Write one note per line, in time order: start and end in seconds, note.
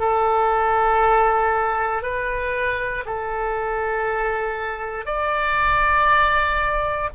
0.00 2.03 A4
2.03 3.05 B4
3.06 5.06 A4
5.06 7.10 D5